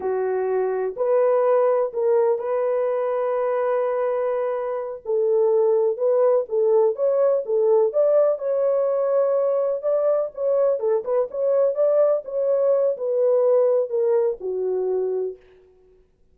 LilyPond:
\new Staff \with { instrumentName = "horn" } { \time 4/4 \tempo 4 = 125 fis'2 b'2 | ais'4 b'2.~ | b'2~ b'8 a'4.~ | a'8 b'4 a'4 cis''4 a'8~ |
a'8 d''4 cis''2~ cis''8~ | cis''8 d''4 cis''4 a'8 b'8 cis''8~ | cis''8 d''4 cis''4. b'4~ | b'4 ais'4 fis'2 | }